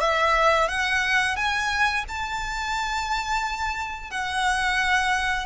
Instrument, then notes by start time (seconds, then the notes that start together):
violin
0.00 E5
0.68 F#5
1.36 G#5
2.08 A5
4.11 F#5